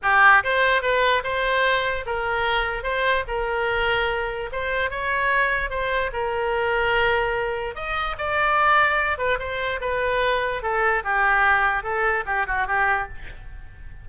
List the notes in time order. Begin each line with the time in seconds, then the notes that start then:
0.02 G4
0.43 C5
0.82 B4
1.23 C5
2.06 A#4
2.83 C5
3.27 A#4
4.51 C5
4.90 C#5
5.69 C5
6.12 A#4
7.75 D#5
8.17 D5
9.18 B4
9.39 C5
9.81 B4
10.62 A4
11.04 G4
11.83 A4
12.26 G4
12.46 F#4
12.67 G4